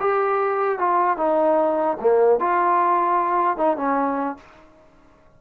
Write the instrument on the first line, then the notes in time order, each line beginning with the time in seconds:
trombone
0.00 G4
0.79 F4
1.17 D#4
2.01 A#3
2.40 F4
3.57 D#4
3.77 C#4